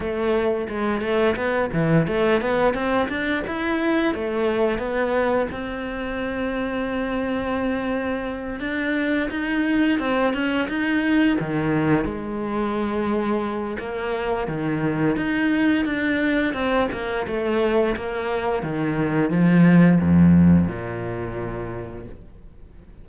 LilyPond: \new Staff \with { instrumentName = "cello" } { \time 4/4 \tempo 4 = 87 a4 gis8 a8 b8 e8 a8 b8 | c'8 d'8 e'4 a4 b4 | c'1~ | c'8 d'4 dis'4 c'8 cis'8 dis'8~ |
dis'8 dis4 gis2~ gis8 | ais4 dis4 dis'4 d'4 | c'8 ais8 a4 ais4 dis4 | f4 f,4 ais,2 | }